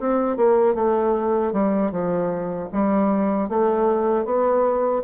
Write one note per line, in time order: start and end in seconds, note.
0.00 0.37 C4
0.37 0.75 A#3
0.75 1.53 A3
1.53 1.92 G3
1.92 2.70 F3
2.73 3.49 G3
3.49 4.25 A3
4.25 5.03 B3